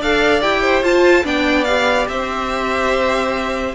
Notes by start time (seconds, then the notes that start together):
0.00 D4 A4 D5 F5
0.41 E4 G4 G5
0.61 C5
0.82 F4 A5
1.23 B3 D4 D5 G5
1.64 G4 F5
2.08 C4 C5 E5